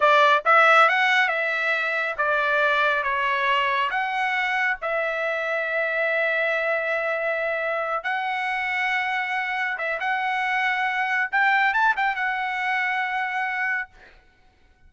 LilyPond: \new Staff \with { instrumentName = "trumpet" } { \time 4/4 \tempo 4 = 138 d''4 e''4 fis''4 e''4~ | e''4 d''2 cis''4~ | cis''4 fis''2 e''4~ | e''1~ |
e''2~ e''8 fis''4.~ | fis''2~ fis''8 e''8 fis''4~ | fis''2 g''4 a''8 g''8 | fis''1 | }